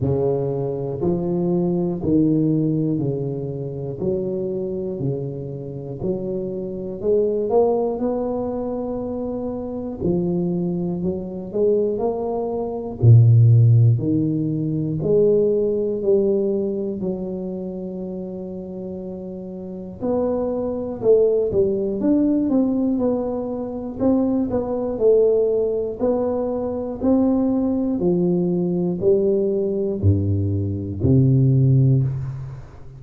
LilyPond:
\new Staff \with { instrumentName = "tuba" } { \time 4/4 \tempo 4 = 60 cis4 f4 dis4 cis4 | fis4 cis4 fis4 gis8 ais8 | b2 f4 fis8 gis8 | ais4 ais,4 dis4 gis4 |
g4 fis2. | b4 a8 g8 d'8 c'8 b4 | c'8 b8 a4 b4 c'4 | f4 g4 g,4 c4 | }